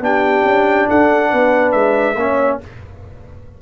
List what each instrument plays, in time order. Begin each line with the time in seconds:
0.00 tuba B3, trombone D4, horn G4, trumpet G5
0.44 tuba C#4
0.89 tuba D4, horn A4, trumpet F#5
1.30 tuba B3, horn B4
1.72 tuba G#3, trumpet E5
2.15 tuba A#3, trombone C#4, horn C#5